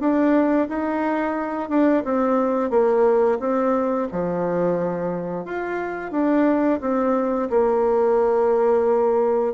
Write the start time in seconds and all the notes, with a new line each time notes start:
0.00 D4
0.69 D#4
1.70 D4
2.05 C4
2.71 A#3
3.40 C4
4.12 F3
5.45 F4
6.12 D4
6.81 C4
7.50 A#3